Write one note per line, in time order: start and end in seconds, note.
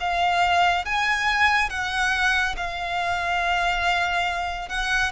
0.00 0.85 F5
0.85 1.69 G#5
1.69 2.55 F#5
2.56 4.69 F5
4.69 5.12 F#5